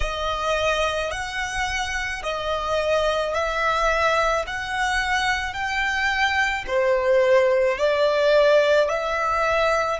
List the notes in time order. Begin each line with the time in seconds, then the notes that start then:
0.00 D#5
1.11 F#5
2.22 D#5
3.34 E5
4.46 F#5
5.53 G5
6.67 C5
7.78 D5
8.89 E5